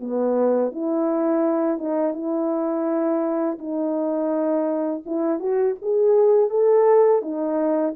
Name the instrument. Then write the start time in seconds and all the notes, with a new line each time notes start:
horn
0.00 B3
0.72 E4
1.78 D#4
2.13 E4
3.58 D#4
5.06 E4
5.39 F#4
5.82 G#4
6.50 A4
7.22 D#4